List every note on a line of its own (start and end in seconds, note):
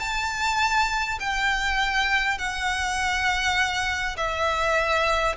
0.00 1.19 A5
1.20 2.38 G5
2.38 4.16 F#5
4.17 5.36 E5